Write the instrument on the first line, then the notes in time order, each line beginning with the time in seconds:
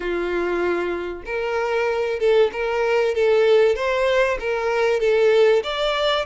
violin
0.00 F4
1.25 A#4
2.19 A4
2.52 A#4
3.14 A4
3.75 C5
4.39 A#4
5.00 A4
5.63 D5